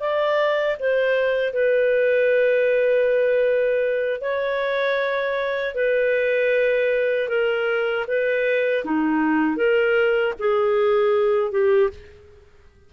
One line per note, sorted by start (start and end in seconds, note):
0.00 0.77 D5
0.80 1.53 C5
1.53 4.21 B4
4.21 5.75 C#5
5.75 7.29 B4
7.29 8.06 A#4
8.08 8.85 B4
8.85 9.57 D#4
9.57 10.34 A#4
10.39 11.52 G#4
11.52 11.90 G4